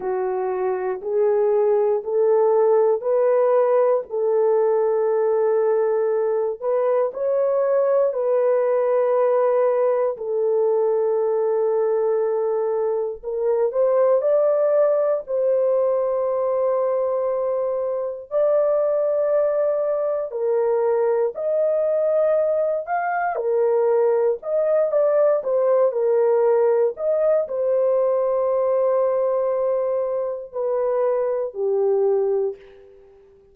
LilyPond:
\new Staff \with { instrumentName = "horn" } { \time 4/4 \tempo 4 = 59 fis'4 gis'4 a'4 b'4 | a'2~ a'8 b'8 cis''4 | b'2 a'2~ | a'4 ais'8 c''8 d''4 c''4~ |
c''2 d''2 | ais'4 dis''4. f''8 ais'4 | dis''8 d''8 c''8 ais'4 dis''8 c''4~ | c''2 b'4 g'4 | }